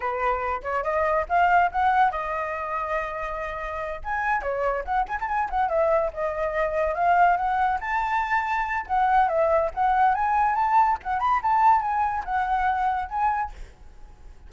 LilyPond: \new Staff \with { instrumentName = "flute" } { \time 4/4 \tempo 4 = 142 b'4. cis''8 dis''4 f''4 | fis''4 dis''2.~ | dis''4. gis''4 cis''4 fis''8 | gis''16 a''16 gis''8 fis''8 e''4 dis''4.~ |
dis''8 f''4 fis''4 a''4.~ | a''4 fis''4 e''4 fis''4 | gis''4 a''4 fis''8 b''8 a''4 | gis''4 fis''2 gis''4 | }